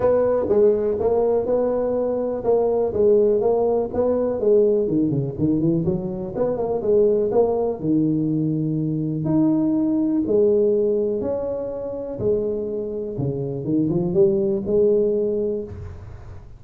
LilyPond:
\new Staff \with { instrumentName = "tuba" } { \time 4/4 \tempo 4 = 123 b4 gis4 ais4 b4~ | b4 ais4 gis4 ais4 | b4 gis4 dis8 cis8 dis8 e8 | fis4 b8 ais8 gis4 ais4 |
dis2. dis'4~ | dis'4 gis2 cis'4~ | cis'4 gis2 cis4 | dis8 f8 g4 gis2 | }